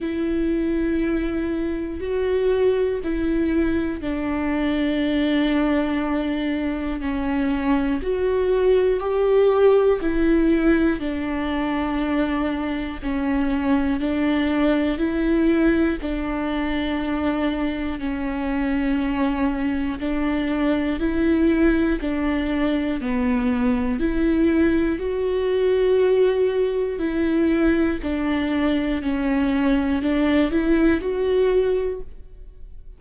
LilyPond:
\new Staff \with { instrumentName = "viola" } { \time 4/4 \tempo 4 = 60 e'2 fis'4 e'4 | d'2. cis'4 | fis'4 g'4 e'4 d'4~ | d'4 cis'4 d'4 e'4 |
d'2 cis'2 | d'4 e'4 d'4 b4 | e'4 fis'2 e'4 | d'4 cis'4 d'8 e'8 fis'4 | }